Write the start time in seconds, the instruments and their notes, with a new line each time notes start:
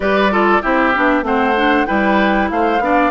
0.00 bassoon G3, clarinet G4, oboe B4, flute D5
0.30 clarinet F4, oboe A4
0.61 bassoon C4, clarinet E4, oboe G4, flute E5
0.95 bassoon B3, clarinet D4
1.22 bassoon A3, clarinet C4, oboe C5, flute F#5
1.56 clarinet D4
1.86 bassoon G3, clarinet E4, oboe B4, flute G5
2.50 bassoon A3, oboe C5, flute F5
2.79 bassoon B3, clarinet D4, oboe D5